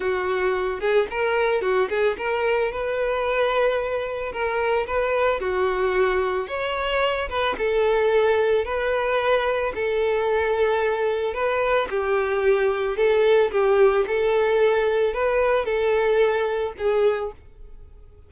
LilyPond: \new Staff \with { instrumentName = "violin" } { \time 4/4 \tempo 4 = 111 fis'4. gis'8 ais'4 fis'8 gis'8 | ais'4 b'2. | ais'4 b'4 fis'2 | cis''4. b'8 a'2 |
b'2 a'2~ | a'4 b'4 g'2 | a'4 g'4 a'2 | b'4 a'2 gis'4 | }